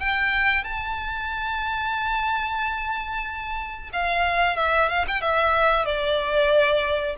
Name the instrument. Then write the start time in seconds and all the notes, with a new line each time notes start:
violin
0.00 G5
0.64 A5
3.93 F5
4.57 E5
4.89 F5
5.08 G5
5.21 E5
5.86 D5